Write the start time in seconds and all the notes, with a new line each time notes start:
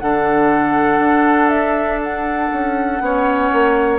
0.00 D3 D4 A4 F#5
0.99 D4
1.49 E5
2.04 F#5
2.53 C#4
3.01 B3 C#4 C#5
3.53 A#3